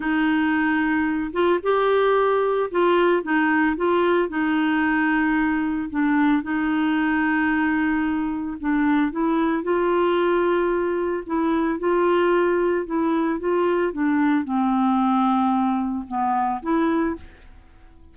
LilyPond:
\new Staff \with { instrumentName = "clarinet" } { \time 4/4 \tempo 4 = 112 dis'2~ dis'8 f'8 g'4~ | g'4 f'4 dis'4 f'4 | dis'2. d'4 | dis'1 |
d'4 e'4 f'2~ | f'4 e'4 f'2 | e'4 f'4 d'4 c'4~ | c'2 b4 e'4 | }